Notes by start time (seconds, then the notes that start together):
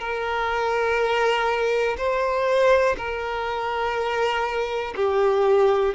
0.00 A#4
1.98 C5
2.98 A#4
4.96 G4